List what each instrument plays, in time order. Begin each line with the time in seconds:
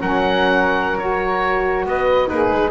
0.00 double bass F#3, saxophone C#4, flute A#4, oboe F#5
0.98 saxophone F#4, oboe C#5
1.86 double bass B3, flute B4, oboe D#5
2.27 double bass A#3, flute D#4, saxophone G#4, oboe B4
2.51 double bass G#3